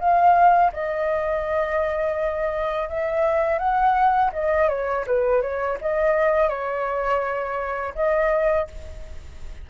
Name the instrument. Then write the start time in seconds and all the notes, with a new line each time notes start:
flute
0.00 F5
0.73 D#5
2.89 E5
3.59 F#5
4.33 D#5
4.69 C#5
5.07 B4
5.42 C#5
5.81 D#5
6.50 C#5
7.96 D#5